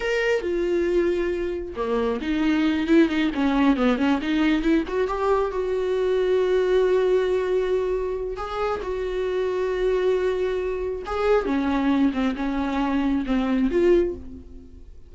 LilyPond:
\new Staff \with { instrumentName = "viola" } { \time 4/4 \tempo 4 = 136 ais'4 f'2. | ais4 dis'4. e'8 dis'8 cis'8~ | cis'8 b8 cis'8 dis'4 e'8 fis'8 g'8~ | g'8 fis'2.~ fis'8~ |
fis'2. gis'4 | fis'1~ | fis'4 gis'4 cis'4. c'8 | cis'2 c'4 f'4 | }